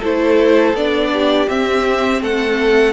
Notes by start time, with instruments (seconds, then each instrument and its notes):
0.00 cello A3, viola E4, violin A4 C5
0.73 cello B3, viola D4, violin D5
1.13 violin G4
1.48 viola C4, cello C4, violin E5
2.21 cello A3, violin A4 F#5